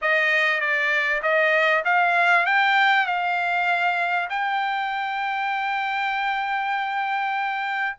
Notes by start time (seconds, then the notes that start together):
0.01 D#5
0.60 D5
1.22 D#5
1.85 F5
2.46 G5
3.06 F5
4.29 G5